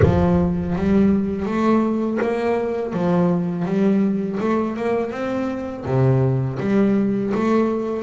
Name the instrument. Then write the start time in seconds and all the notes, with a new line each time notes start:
double bass
0.02 F3
0.75 G3
1.45 A3
2.22 A#3
2.93 F3
3.65 G3
4.40 A3
4.76 A#3
5.11 C4
5.85 C3
6.59 G3
7.34 A3